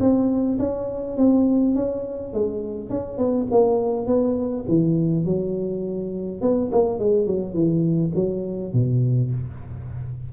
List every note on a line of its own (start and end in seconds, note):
0.00 0.58 C4
0.59 1.17 C#4
1.17 1.75 C4
1.75 2.33 C#4
2.33 2.90 G#3
2.90 3.18 C#4
3.18 3.47 B3
3.51 4.07 A#3
4.07 4.65 B3
4.68 5.25 E3
5.25 6.42 F#3
6.42 6.71 B3
6.72 6.99 A#3
6.99 7.27 G#3
7.27 7.54 F#3
7.54 8.12 E3
8.15 8.73 F#3
8.73 9.32 B2